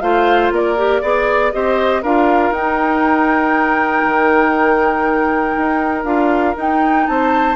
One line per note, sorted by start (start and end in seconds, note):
0.00 0.51 A3
0.00 0.76 F4
0.00 0.53 C5
0.00 0.50 F5
0.51 1.01 A#3
0.51 1.01 A#4
0.51 1.52 D5
0.76 1.02 G4
1.01 1.52 B3
1.01 1.52 G#4
1.01 1.52 D5
1.52 2.03 C4
1.52 2.03 G4
1.52 2.02 C5
1.52 2.02 D#5
2.02 2.50 D4
2.02 2.54 F4
2.02 7.06 A#4
2.02 2.52 F5
2.50 4.02 D#4
2.50 6.05 D#4
2.50 6.04 G5
4.04 5.56 D#3
5.57 6.04 D#4
6.04 6.54 D4
6.04 6.55 F4
6.04 6.55 F5
6.55 7.55 D#4
6.55 7.07 D#4
6.55 7.07 G5
7.07 7.55 C4
7.07 7.55 C5
7.07 7.55 A5